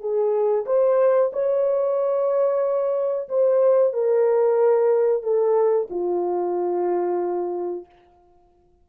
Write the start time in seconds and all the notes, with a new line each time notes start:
0.00 G#4
0.66 C5
1.33 C#5
3.29 C5
3.93 A#4
5.23 A4
5.90 F4